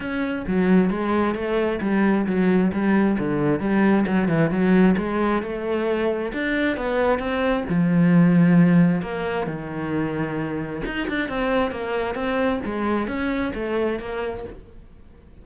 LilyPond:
\new Staff \with { instrumentName = "cello" } { \time 4/4 \tempo 4 = 133 cis'4 fis4 gis4 a4 | g4 fis4 g4 d4 | g4 fis8 e8 fis4 gis4 | a2 d'4 b4 |
c'4 f2. | ais4 dis2. | dis'8 d'8 c'4 ais4 c'4 | gis4 cis'4 a4 ais4 | }